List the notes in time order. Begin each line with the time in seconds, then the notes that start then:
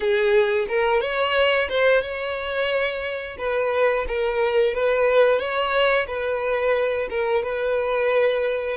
0.00 G#4
0.68 A#4
1.01 C#5
1.69 C5
2.02 C#5
3.38 B4
4.08 A#4
4.74 B4
5.39 C#5
6.07 B4
7.09 A#4
7.43 B4